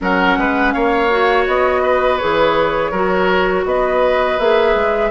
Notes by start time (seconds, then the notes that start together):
0.00 F#3 C#4 A#4 F#5
0.37 G#3 B4
0.72 A#3 C#5 F5
1.10 F#4
1.46 B3 D#5
1.82 B4
2.17 E3 G#4 C#5
2.91 F#3 F#4 A#4
3.65 B3 B4 D#5
4.38 A#3 G#4 E5
4.75 G#3